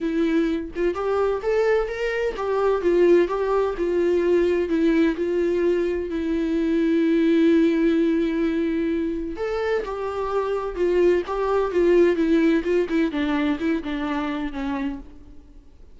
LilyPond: \new Staff \with { instrumentName = "viola" } { \time 4/4 \tempo 4 = 128 e'4. f'8 g'4 a'4 | ais'4 g'4 f'4 g'4 | f'2 e'4 f'4~ | f'4 e'2.~ |
e'1 | a'4 g'2 f'4 | g'4 f'4 e'4 f'8 e'8 | d'4 e'8 d'4. cis'4 | }